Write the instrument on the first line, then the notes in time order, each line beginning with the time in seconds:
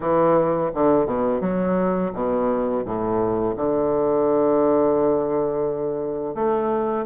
bassoon
0.00 E3
0.74 D3
1.06 B2
1.41 F#3
2.13 B2
2.85 A2
3.56 D3
6.34 A3